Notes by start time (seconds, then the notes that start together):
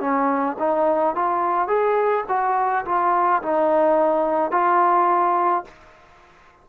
0.00 C#4
0.59 D#4
1.15 F4
1.68 G#4
2.28 F#4
2.85 F4
3.42 D#4
4.51 F4